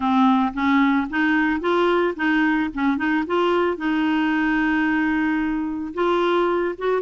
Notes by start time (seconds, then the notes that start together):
0.00 C4
0.53 C#4
1.10 D#4
1.60 F4
2.15 D#4
2.74 C#4
2.97 D#4
3.27 F4
3.77 D#4
5.94 F4
6.77 F#4